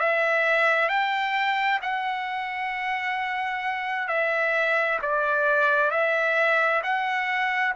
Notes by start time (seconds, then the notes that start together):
0.00 E5
0.89 G5
1.82 F#5
4.09 E5
5.02 D5
5.91 E5
6.83 F#5